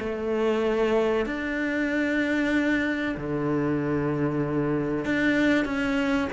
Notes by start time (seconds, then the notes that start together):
0.00 A3
1.26 D4
3.18 D3
5.06 D4
5.65 C#4